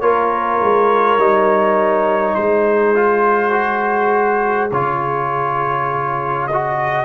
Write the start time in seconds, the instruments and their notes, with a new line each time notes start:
0.00 tuba A#3, trombone F4, horn A#4, trumpet C#5
0.61 tuba G#3
1.17 tuba G3, trombone D#4
2.35 tuba G#3, horn G#4, trumpet C5
2.95 trombone F4
3.51 trombone F#4
4.71 tuba C#3, trombone F4, trumpet C#5
6.47 trombone F#4, trumpet D#5